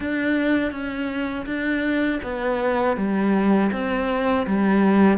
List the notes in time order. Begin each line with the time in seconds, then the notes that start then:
0.00 D4
0.71 C#4
1.46 D4
2.23 B3
2.96 G3
3.72 C4
4.46 G3